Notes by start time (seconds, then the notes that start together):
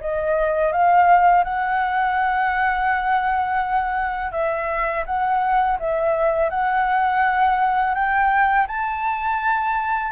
0.00 D#5
0.72 F5
1.44 F#5
4.31 E5
5.05 F#5
5.79 E5
6.50 F#5
7.94 G5
8.67 A5